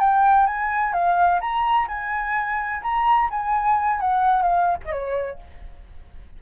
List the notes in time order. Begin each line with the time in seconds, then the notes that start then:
0.00 G5
0.47 G#5
0.93 F5
1.41 A#5
1.88 G#5
2.82 A#5
3.30 G#5
4.00 F#5
4.43 F5
4.85 D#5
4.92 C#5